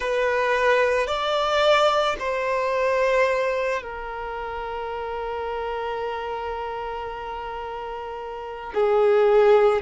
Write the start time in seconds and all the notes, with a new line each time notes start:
0.00 B4
1.07 D5
2.19 C5
3.82 A#4
8.73 G#4